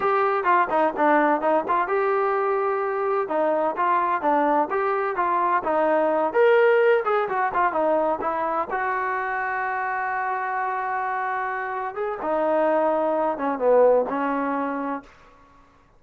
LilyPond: \new Staff \with { instrumentName = "trombone" } { \time 4/4 \tempo 4 = 128 g'4 f'8 dis'8 d'4 dis'8 f'8 | g'2. dis'4 | f'4 d'4 g'4 f'4 | dis'4. ais'4. gis'8 fis'8 |
f'8 dis'4 e'4 fis'4.~ | fis'1~ | fis'4. gis'8 dis'2~ | dis'8 cis'8 b4 cis'2 | }